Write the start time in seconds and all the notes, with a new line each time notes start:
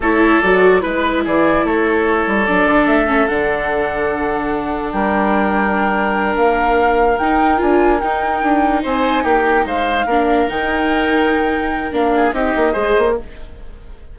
0.00 A3 E4 A4 C#5
0.40 F#3 F#4 D5
0.80 G#3 E4 B4
1.24 E3 G#4 D5
1.64 A3 A4 C#5
2.27 G3
2.45 F#3 D4 D5
2.65 D3
2.86 A3 E5
3.07 C#4
3.27 D3 D4 F#5
4.92 G3 A#4 G5
6.36 A#3 F5
7.18 D#4 G5
7.57 D4 F4 G#5
8.00 D#4 G5
8.42 D4
8.82 C4 C5 G#5
9.23 A#3 G4 G5
9.65 G#3 C5 F5
10.05 A#3 D4 A#4
10.48 D#3 D#4 G5
11.91 A#3 D4 F5
12.15 G#4
12.32 C4 D#4 G4 D#5
12.56 A#3
12.72 G#3 G#4 C5
12.98 A#3